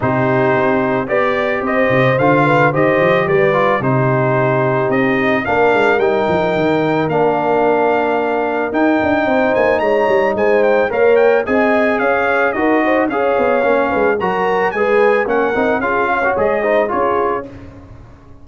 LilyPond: <<
  \new Staff \with { instrumentName = "trumpet" } { \time 4/4 \tempo 4 = 110 c''2 d''4 dis''4 | f''4 dis''4 d''4 c''4~ | c''4 dis''4 f''4 g''4~ | g''4 f''2. |
g''4. gis''8 ais''4 gis''8 g''8 | f''8 g''8 gis''4 f''4 dis''4 | f''2 ais''4 gis''4 | fis''4 f''4 dis''4 cis''4 | }
  \new Staff \with { instrumentName = "horn" } { \time 4/4 g'2 d''4 c''4~ | c''8 b'8 c''4 b'4 g'4~ | g'2 ais'2~ | ais'1~ |
ais'4 c''4 cis''4 c''4 | cis''4 dis''4 cis''4 ais'8 c''8 | cis''4. b'8 ais'4 b'4 | ais'4 gis'8 cis''4 c''8 gis'4 | }
  \new Staff \with { instrumentName = "trombone" } { \time 4/4 dis'2 g'2 | f'4 g'4. f'8 dis'4~ | dis'2 d'4 dis'4~ | dis'4 d'2. |
dis'1 | ais'4 gis'2 fis'4 | gis'4 cis'4 fis'4 gis'4 | cis'8 dis'8 f'8. fis'16 gis'8 dis'8 f'4 | }
  \new Staff \with { instrumentName = "tuba" } { \time 4/4 c4 c'4 b4 c'8 c8 | d4 dis8 f8 g4 c4~ | c4 c'4 ais8 gis8 g8 f8 | dis4 ais2. |
dis'8 d'8 c'8 ais8 gis8 g8 gis4 | ais4 c'4 cis'4 dis'4 | cis'8 b8 ais8 gis8 fis4 gis4 | ais8 c'8 cis'4 gis4 cis'4 | }
>>